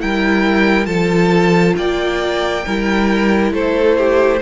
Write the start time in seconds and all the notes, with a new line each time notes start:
0.00 G3 E4 A#4 G5
0.86 F3 F4 A4 A5
1.77 A#3 D5 G5
2.65 G3 E4 A#4
3.53 A3 A4 C5
3.98 G4